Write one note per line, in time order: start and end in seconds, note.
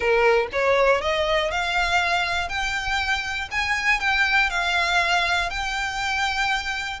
0.00 0.47 A#4
0.52 1.01 C#5
1.01 1.51 D#5
1.51 2.48 F5
2.48 3.48 G5
3.51 4.00 G#5
4.00 4.50 G5
4.50 5.50 F5
5.50 7.00 G5